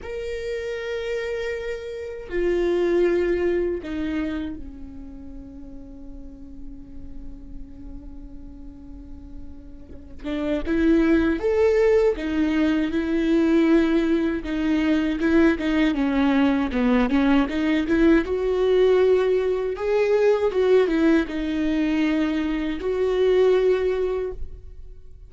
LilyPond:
\new Staff \with { instrumentName = "viola" } { \time 4/4 \tempo 4 = 79 ais'2. f'4~ | f'4 dis'4 cis'2~ | cis'1~ | cis'4. d'8 e'4 a'4 |
dis'4 e'2 dis'4 | e'8 dis'8 cis'4 b8 cis'8 dis'8 e'8 | fis'2 gis'4 fis'8 e'8 | dis'2 fis'2 | }